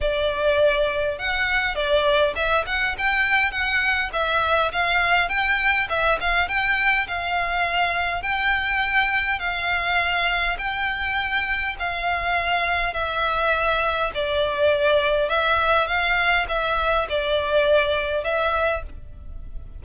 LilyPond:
\new Staff \with { instrumentName = "violin" } { \time 4/4 \tempo 4 = 102 d''2 fis''4 d''4 | e''8 fis''8 g''4 fis''4 e''4 | f''4 g''4 e''8 f''8 g''4 | f''2 g''2 |
f''2 g''2 | f''2 e''2 | d''2 e''4 f''4 | e''4 d''2 e''4 | }